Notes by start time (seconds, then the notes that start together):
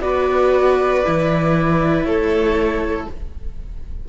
0.00 B3 F#4 B4 D5
1.04 E3 E4
2.04 A3 A4 C#5